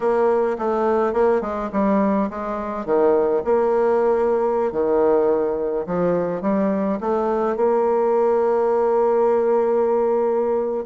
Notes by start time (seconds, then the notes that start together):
0.00 A#3
0.58 A3
1.13 A#3
1.41 G#3
1.72 G3
2.30 G#3
2.85 D#3
3.44 A#3
4.71 D#3
5.86 F3
6.41 G3
7.00 A3
7.56 A#3